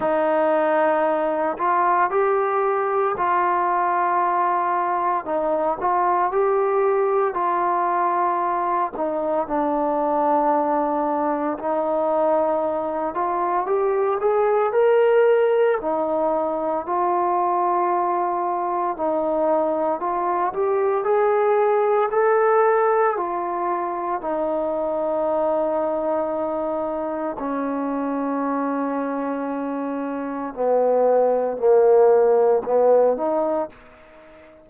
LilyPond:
\new Staff \with { instrumentName = "trombone" } { \time 4/4 \tempo 4 = 57 dis'4. f'8 g'4 f'4~ | f'4 dis'8 f'8 g'4 f'4~ | f'8 dis'8 d'2 dis'4~ | dis'8 f'8 g'8 gis'8 ais'4 dis'4 |
f'2 dis'4 f'8 g'8 | gis'4 a'4 f'4 dis'4~ | dis'2 cis'2~ | cis'4 b4 ais4 b8 dis'8 | }